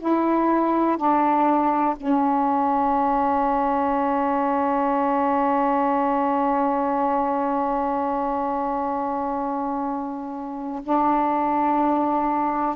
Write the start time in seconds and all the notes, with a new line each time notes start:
0.00 E4
0.97 D4
1.97 C#4
10.83 D4